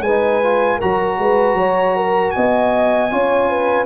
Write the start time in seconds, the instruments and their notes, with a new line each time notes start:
0.00 tuba G#3, trombone D#4, horn B4, trumpet G#5
0.43 trombone F4
0.77 tuba F#3, trombone F#4, horn A#4, trumpet A#5
1.18 tuba G#3, horn B4
1.54 tuba F#3, horn C#5
1.96 horn A#4
2.30 tuba B3, horn D#5, trumpet G#5
3.10 tuba C#4, trombone F4, horn C#5
3.49 horn B4